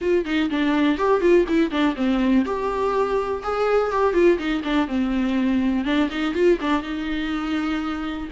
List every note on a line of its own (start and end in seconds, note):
0.01 0.25 F4
0.25 0.49 D#4
0.50 0.98 D4
0.98 1.20 G4
1.20 1.45 F4
1.48 1.70 E4
1.70 1.95 D4
1.96 2.44 C4
2.45 3.42 G4
3.43 3.91 G#4
3.91 4.13 G4
4.13 4.37 F4
4.38 4.62 D#4
4.64 4.87 D4
4.87 5.84 C4
5.84 6.09 D4
6.10 6.34 D#4
6.34 6.59 F4
6.61 6.82 D4
6.82 8.28 D#4